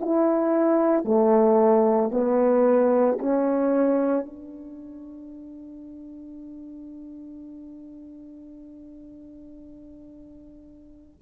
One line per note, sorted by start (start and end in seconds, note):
0.00 1.05 E4
1.05 2.11 A3
2.11 3.18 B3
3.19 4.26 C#4
4.26 11.21 D4